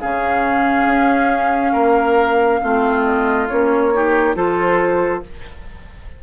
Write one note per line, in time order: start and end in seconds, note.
0.00 0.86 C#3
0.00 2.62 C#4
0.00 1.72 G#4
0.00 3.04 F5
0.86 1.73 C#4
1.72 2.60 A#3
1.72 2.59 A#4
2.62 3.50 A3
2.62 3.48 C4
2.62 3.93 F4
3.04 3.47 D#5
3.48 4.36 A#3
3.48 3.92 C#4
3.48 4.35 C#5
3.93 4.35 D#4
3.93 4.36 G4
4.35 5.22 F3
4.35 5.22 F4
4.35 5.23 A4
4.35 5.23 C5